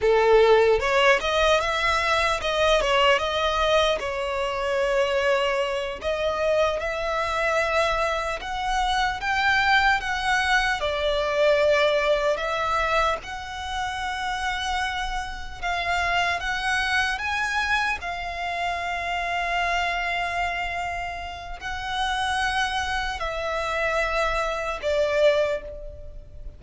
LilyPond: \new Staff \with { instrumentName = "violin" } { \time 4/4 \tempo 4 = 75 a'4 cis''8 dis''8 e''4 dis''8 cis''8 | dis''4 cis''2~ cis''8 dis''8~ | dis''8 e''2 fis''4 g''8~ | g''8 fis''4 d''2 e''8~ |
e''8 fis''2. f''8~ | f''8 fis''4 gis''4 f''4.~ | f''2. fis''4~ | fis''4 e''2 d''4 | }